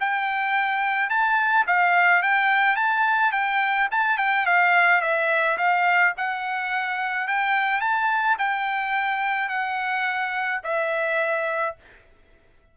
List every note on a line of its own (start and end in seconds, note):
0.00 1.10 G5
1.10 1.66 A5
1.67 2.22 F5
2.22 2.76 G5
2.76 3.32 A5
3.32 3.88 G5
3.91 4.18 A5
4.18 4.46 G5
4.46 5.01 F5
5.01 5.57 E5
5.58 6.14 F5
6.17 7.28 F#5
7.28 7.81 G5
7.81 8.37 A5
8.38 9.49 G5
9.49 10.61 F#5
10.64 11.76 E5